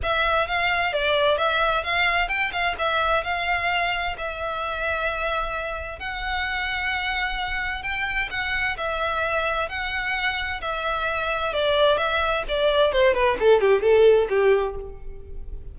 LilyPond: \new Staff \with { instrumentName = "violin" } { \time 4/4 \tempo 4 = 130 e''4 f''4 d''4 e''4 | f''4 g''8 f''8 e''4 f''4~ | f''4 e''2.~ | e''4 fis''2.~ |
fis''4 g''4 fis''4 e''4~ | e''4 fis''2 e''4~ | e''4 d''4 e''4 d''4 | c''8 b'8 a'8 g'8 a'4 g'4 | }